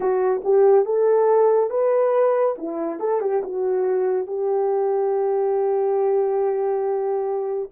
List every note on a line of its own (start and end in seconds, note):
0.00 0.42 F#4
0.44 0.85 G4
0.85 1.69 A4
1.69 2.55 B4
2.58 2.99 E4
2.99 3.20 A4
3.20 3.42 G4
3.43 4.26 F#4
4.26 7.69 G4